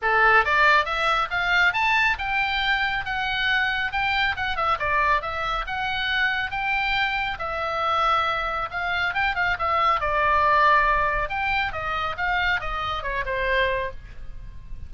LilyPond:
\new Staff \with { instrumentName = "oboe" } { \time 4/4 \tempo 4 = 138 a'4 d''4 e''4 f''4 | a''4 g''2 fis''4~ | fis''4 g''4 fis''8 e''8 d''4 | e''4 fis''2 g''4~ |
g''4 e''2. | f''4 g''8 f''8 e''4 d''4~ | d''2 g''4 dis''4 | f''4 dis''4 cis''8 c''4. | }